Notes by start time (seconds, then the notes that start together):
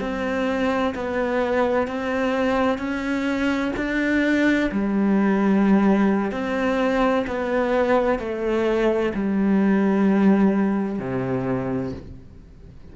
0.00 C4
0.95 B3
1.87 C4
2.78 C#4
3.76 D4
4.71 G3
6.32 C4
7.27 B3
8.19 A3
9.14 G3
10.99 C3